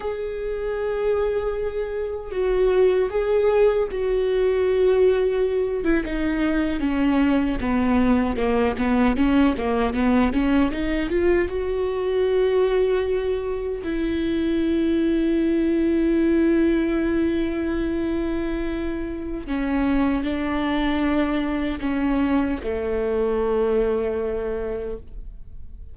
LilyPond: \new Staff \with { instrumentName = "viola" } { \time 4/4 \tempo 4 = 77 gis'2. fis'4 | gis'4 fis'2~ fis'8 e'16 dis'16~ | dis'8. cis'4 b4 ais8 b8 cis'16~ | cis'16 ais8 b8 cis'8 dis'8 f'8 fis'4~ fis'16~ |
fis'4.~ fis'16 e'2~ e'16~ | e'1~ | e'4 cis'4 d'2 | cis'4 a2. | }